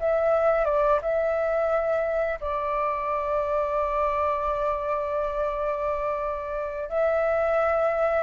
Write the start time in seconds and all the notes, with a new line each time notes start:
0.00 E5
0.65 D5
1.02 E5
2.41 D5
6.89 E5